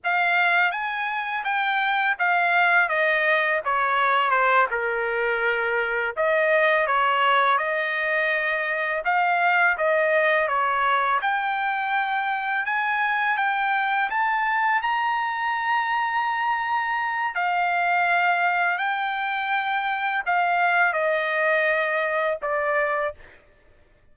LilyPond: \new Staff \with { instrumentName = "trumpet" } { \time 4/4 \tempo 4 = 83 f''4 gis''4 g''4 f''4 | dis''4 cis''4 c''8 ais'4.~ | ais'8 dis''4 cis''4 dis''4.~ | dis''8 f''4 dis''4 cis''4 g''8~ |
g''4. gis''4 g''4 a''8~ | a''8 ais''2.~ ais''8 | f''2 g''2 | f''4 dis''2 d''4 | }